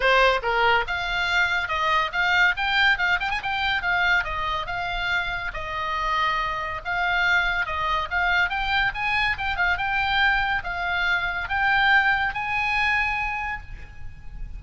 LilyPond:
\new Staff \with { instrumentName = "oboe" } { \time 4/4 \tempo 4 = 141 c''4 ais'4 f''2 | dis''4 f''4 g''4 f''8 g''16 gis''16 | g''4 f''4 dis''4 f''4~ | f''4 dis''2. |
f''2 dis''4 f''4 | g''4 gis''4 g''8 f''8 g''4~ | g''4 f''2 g''4~ | g''4 gis''2. | }